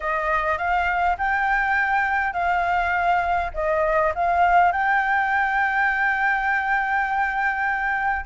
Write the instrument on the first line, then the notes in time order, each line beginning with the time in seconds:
flute
0.00 D#5
0.58 F5
1.18 G5
2.33 F5
3.54 D#5
4.14 F5
4.72 G5